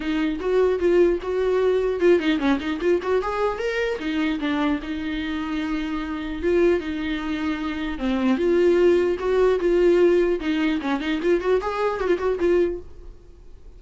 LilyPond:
\new Staff \with { instrumentName = "viola" } { \time 4/4 \tempo 4 = 150 dis'4 fis'4 f'4 fis'4~ | fis'4 f'8 dis'8 cis'8 dis'8 f'8 fis'8 | gis'4 ais'4 dis'4 d'4 | dis'1 |
f'4 dis'2. | c'4 f'2 fis'4 | f'2 dis'4 cis'8 dis'8 | f'8 fis'8 gis'4 fis'16 f'16 fis'8 f'4 | }